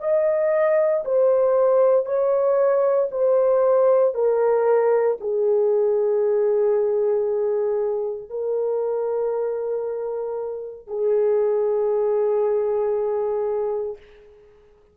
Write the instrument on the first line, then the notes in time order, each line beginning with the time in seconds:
horn
0.00 D#5
1.05 C5
2.05 C#5
3.11 C5
4.14 A#4
5.20 G#4
8.29 A#4
10.87 G#4